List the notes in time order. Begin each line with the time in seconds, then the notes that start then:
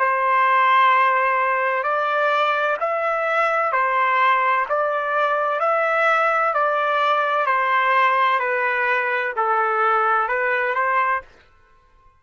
0.00 C5
1.84 D5
2.80 E5
3.72 C5
4.70 D5
5.60 E5
6.54 D5
7.47 C5
8.40 B4
9.37 A4
10.29 B4
10.75 C5